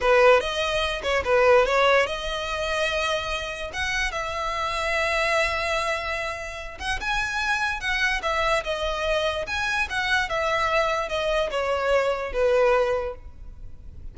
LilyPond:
\new Staff \with { instrumentName = "violin" } { \time 4/4 \tempo 4 = 146 b'4 dis''4. cis''8 b'4 | cis''4 dis''2.~ | dis''4 fis''4 e''2~ | e''1~ |
e''8 fis''8 gis''2 fis''4 | e''4 dis''2 gis''4 | fis''4 e''2 dis''4 | cis''2 b'2 | }